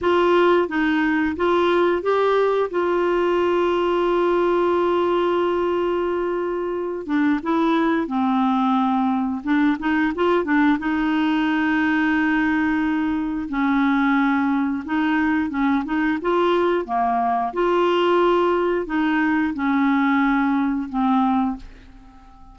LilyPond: \new Staff \with { instrumentName = "clarinet" } { \time 4/4 \tempo 4 = 89 f'4 dis'4 f'4 g'4 | f'1~ | f'2~ f'8 d'8 e'4 | c'2 d'8 dis'8 f'8 d'8 |
dis'1 | cis'2 dis'4 cis'8 dis'8 | f'4 ais4 f'2 | dis'4 cis'2 c'4 | }